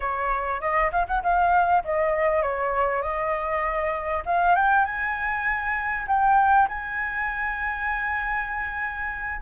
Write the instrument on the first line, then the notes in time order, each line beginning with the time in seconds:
flute
0.00 C#5
0.61 D#5
0.91 F5
1.07 F#5
1.22 F5
1.84 D#5
2.42 C#5
3.02 D#5
4.25 F5
4.55 G5
4.85 G#5
6.07 G5
6.68 G#5